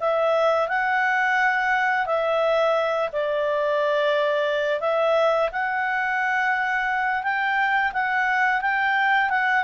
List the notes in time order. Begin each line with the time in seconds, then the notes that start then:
0.00 E5
0.69 F#5
2.06 E5
3.13 D5
4.81 E5
5.52 F#5
7.23 G5
7.93 F#5
8.61 G5
9.30 F#5